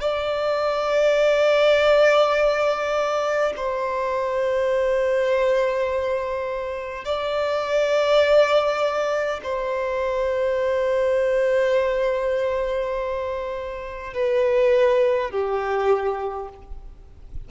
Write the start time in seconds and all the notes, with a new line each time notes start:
0.00 D5
3.56 C5
7.04 D5
9.43 C5
14.13 B4
15.30 G4